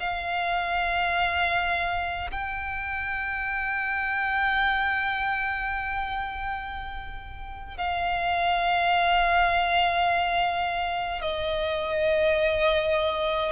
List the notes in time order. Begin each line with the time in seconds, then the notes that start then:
0.00 F5
2.31 G5
7.77 F5
11.21 D#5